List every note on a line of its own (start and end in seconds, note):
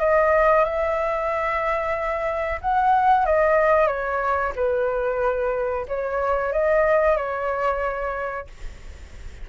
0.00 0.65 D#5
0.65 2.60 E5
2.61 3.26 F#5
3.26 3.87 D#5
3.87 4.53 C#5
4.56 5.86 B4
5.88 6.53 C#5
6.53 7.17 D#5
7.17 8.48 C#5